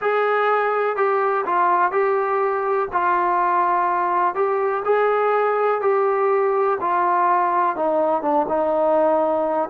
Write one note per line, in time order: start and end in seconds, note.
0.01 0.96 G#4
0.96 1.45 G4
1.45 1.91 F4
1.91 2.88 G4
2.92 4.35 F4
4.35 4.83 G4
4.84 5.81 G#4
5.81 6.77 G4
6.80 7.76 F4
7.76 8.22 D#4
8.22 8.46 D4
8.48 9.69 D#4